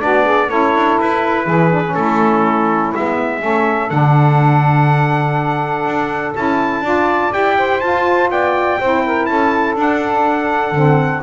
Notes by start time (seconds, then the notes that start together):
0.00 B3 D4 F#4 D5
0.24 G#4
0.48 C#4 E4 A4 C#5
0.75 D4
1.01 E4 B4
1.45 E3 G#4
1.71 D4
1.84 C#4
1.95 A3 E4 A4
2.95 G#3 B3 E5
3.40 A3 C#4 A4
3.89 D3 D4 F#5
5.86 D4
6.35 C#4 E4 A5
6.81 D4 F4 D5
7.32 E4 G4 G5
7.58 C5
7.81 F4 A5
8.30 B3 D5 G5
8.80 C4 E4 C5
9.06 A#4
9.26 C#4 A4 A5
9.76 D4 F#5
10.72 D3 C4